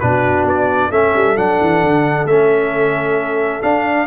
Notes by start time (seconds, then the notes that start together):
0.00 B2 D4 F#4 B4
0.44 B3 D5
0.91 A3 C#4 A4 E5
1.15 G3
1.37 F#3 D4 F#5
1.61 E3
1.83 D3
2.25 A3 C#4 E5
3.62 D4 F5